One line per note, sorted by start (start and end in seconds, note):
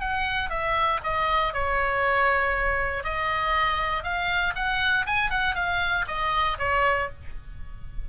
0.00 0.50 F#5
0.50 1.00 E5
1.04 1.54 D#5
1.54 3.04 C#5
3.04 4.04 D#5
4.04 4.54 F5
4.56 5.06 F#5
5.06 5.30 G#5
5.30 5.55 F#5
5.55 6.05 F5
6.08 6.58 D#5
6.59 7.09 C#5